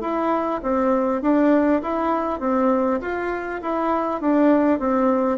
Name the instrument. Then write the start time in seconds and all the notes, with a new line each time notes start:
bassoon
0.00 E4
0.62 C4
1.21 D4
1.82 E4
2.39 C4
3.01 F4
3.61 E4
4.21 D4
4.79 C4